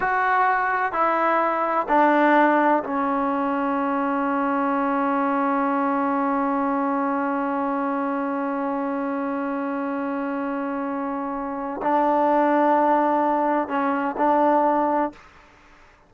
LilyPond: \new Staff \with { instrumentName = "trombone" } { \time 4/4 \tempo 4 = 127 fis'2 e'2 | d'2 cis'2~ | cis'1~ | cis'1~ |
cis'1~ | cis'1~ | cis'4 d'2.~ | d'4 cis'4 d'2 | }